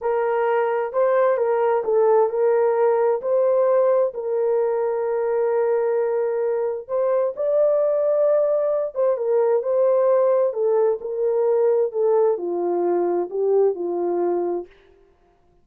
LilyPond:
\new Staff \with { instrumentName = "horn" } { \time 4/4 \tempo 4 = 131 ais'2 c''4 ais'4 | a'4 ais'2 c''4~ | c''4 ais'2.~ | ais'2. c''4 |
d''2.~ d''8 c''8 | ais'4 c''2 a'4 | ais'2 a'4 f'4~ | f'4 g'4 f'2 | }